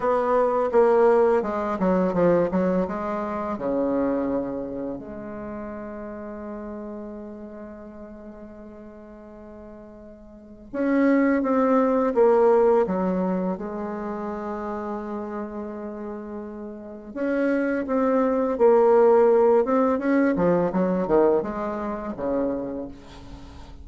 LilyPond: \new Staff \with { instrumentName = "bassoon" } { \time 4/4 \tempo 4 = 84 b4 ais4 gis8 fis8 f8 fis8 | gis4 cis2 gis4~ | gis1~ | gis2. cis'4 |
c'4 ais4 fis4 gis4~ | gis1 | cis'4 c'4 ais4. c'8 | cis'8 f8 fis8 dis8 gis4 cis4 | }